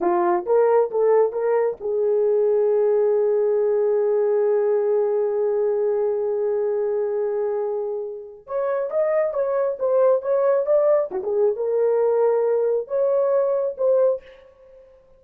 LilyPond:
\new Staff \with { instrumentName = "horn" } { \time 4/4 \tempo 4 = 135 f'4 ais'4 a'4 ais'4 | gis'1~ | gis'1~ | gis'1~ |
gis'2. cis''4 | dis''4 cis''4 c''4 cis''4 | d''4 fis'16 gis'8. ais'2~ | ais'4 cis''2 c''4 | }